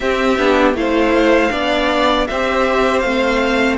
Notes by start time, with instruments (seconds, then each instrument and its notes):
0.00 viola C4, cello C4, violin G4 E5
0.38 cello B3, viola D4
0.73 cello A3, viola E4, violin C5 F5
1.51 cello B3, viola D4, violin D5
2.26 cello C4, viola G4, violin C5 E5
3.00 cello A3, viola C4, violin F5